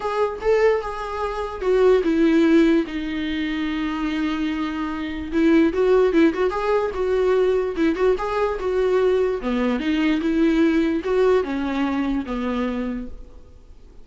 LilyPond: \new Staff \with { instrumentName = "viola" } { \time 4/4 \tempo 4 = 147 gis'4 a'4 gis'2 | fis'4 e'2 dis'4~ | dis'1~ | dis'4 e'4 fis'4 e'8 fis'8 |
gis'4 fis'2 e'8 fis'8 | gis'4 fis'2 b4 | dis'4 e'2 fis'4 | cis'2 b2 | }